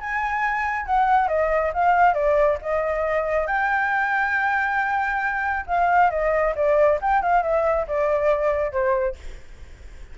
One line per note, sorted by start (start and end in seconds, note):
0.00 0.86 G#5
0.86 1.28 F#5
1.28 1.72 D#5
1.74 2.14 F5
2.14 2.58 D5
2.62 3.47 D#5
3.47 5.66 G5
5.67 6.10 F5
6.11 6.54 D#5
6.56 6.99 D5
7.01 7.22 G5
7.22 7.43 F5
7.43 7.87 E5
7.88 8.72 D5
8.72 9.16 C5